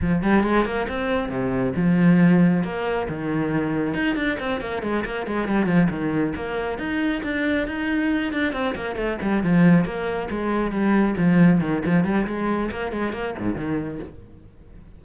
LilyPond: \new Staff \with { instrumentName = "cello" } { \time 4/4 \tempo 4 = 137 f8 g8 gis8 ais8 c'4 c4 | f2 ais4 dis4~ | dis4 dis'8 d'8 c'8 ais8 gis8 ais8 | gis8 g8 f8 dis4 ais4 dis'8~ |
dis'8 d'4 dis'4. d'8 c'8 | ais8 a8 g8 f4 ais4 gis8~ | gis8 g4 f4 dis8 f8 g8 | gis4 ais8 gis8 ais8 gis,8 dis4 | }